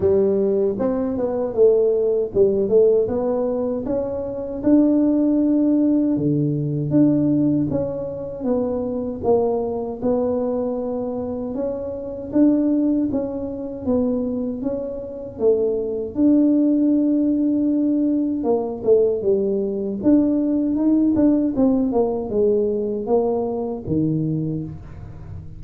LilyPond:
\new Staff \with { instrumentName = "tuba" } { \time 4/4 \tempo 4 = 78 g4 c'8 b8 a4 g8 a8 | b4 cis'4 d'2 | d4 d'4 cis'4 b4 | ais4 b2 cis'4 |
d'4 cis'4 b4 cis'4 | a4 d'2. | ais8 a8 g4 d'4 dis'8 d'8 | c'8 ais8 gis4 ais4 dis4 | }